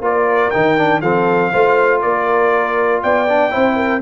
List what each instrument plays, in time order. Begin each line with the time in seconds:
0.00 tuba A#3, trombone F4, horn A#4, trumpet D5
0.50 tuba D#3, trombone D#4, trumpet G5
0.77 trombone D4
1.01 tuba F3, trombone C4, horn A4, trumpet F5
1.51 tuba A3, trombone F4, horn C5
2.02 tuba A#3, horn A#4, trumpet D5
3.02 tuba B3, horn D5, trumpet G5
3.29 trombone D4
3.50 tuba C4, trombone E4, horn C5
3.76 horn A#4